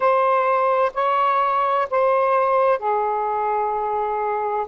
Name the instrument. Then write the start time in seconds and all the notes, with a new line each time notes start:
saxophone
0.00 C5
0.94 C#5
1.90 C5
2.79 G#4